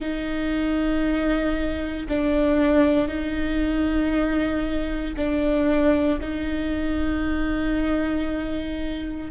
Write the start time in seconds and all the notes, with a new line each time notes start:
0.00 D#4
2.08 D4
3.08 D#4
5.16 D4
6.20 D#4